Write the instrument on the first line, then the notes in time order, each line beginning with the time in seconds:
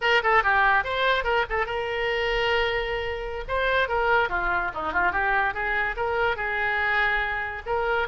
oboe
0.01 A#4
0.23 A4
0.43 G4
0.84 C5
1.24 A#4
1.49 A4
1.66 A#4
3.47 C5
3.88 A#4
4.29 F4
4.74 D#4
4.92 F4
5.12 G4
5.53 G#4
5.96 A#4
6.36 G#4
7.66 A#4